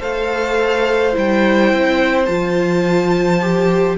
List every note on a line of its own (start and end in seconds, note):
0.00 1.16 A3
0.00 1.13 A4
0.00 3.96 C5
0.00 1.16 F5
1.13 1.74 G3
1.13 2.26 E4
1.13 2.26 G5
1.74 2.28 C4
2.26 3.98 F3
2.26 3.40 F4
2.26 3.96 A5
3.42 3.98 G4